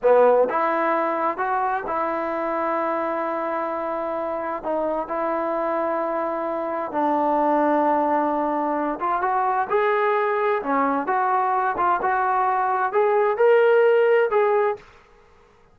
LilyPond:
\new Staff \with { instrumentName = "trombone" } { \time 4/4 \tempo 4 = 130 b4 e'2 fis'4 | e'1~ | e'2 dis'4 e'4~ | e'2. d'4~ |
d'2.~ d'8 f'8 | fis'4 gis'2 cis'4 | fis'4. f'8 fis'2 | gis'4 ais'2 gis'4 | }